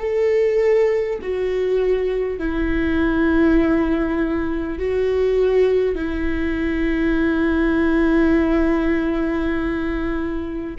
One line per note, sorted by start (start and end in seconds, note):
0.00 1.20 A4
1.22 2.39 F#4
2.39 4.79 E4
4.79 5.96 F#4
5.96 10.76 E4